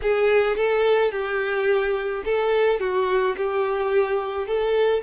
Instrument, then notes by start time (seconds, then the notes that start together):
violin
0.02 G#4
0.56 A4
1.11 G4
2.25 A4
2.80 F#4
3.36 G4
4.47 A4